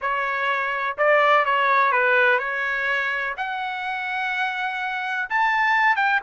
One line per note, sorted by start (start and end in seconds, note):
0.01 0.97 C#5
0.97 1.45 D5
1.45 1.92 C#5
1.92 2.38 B4
2.38 3.34 C#5
3.37 5.29 F#5
5.29 5.96 A5
5.96 6.20 G5